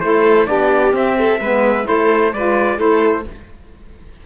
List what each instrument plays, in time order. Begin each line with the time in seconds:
0.00 cello A3, saxophone E4, violin A4, trumpet C5
0.46 cello B3, saxophone D4, violin G4, trumpet D5
0.91 saxophone C4, cello C4, trumpet E5
1.18 violin A4
1.39 cello G#3, saxophone B3, violin B4
1.84 cello A3, saxophone E4, violin A4, trumpet C5
2.32 cello G#3, saxophone F4, violin B4, trumpet D5
2.77 cello A3, saxophone E4, violin A4, trumpet C5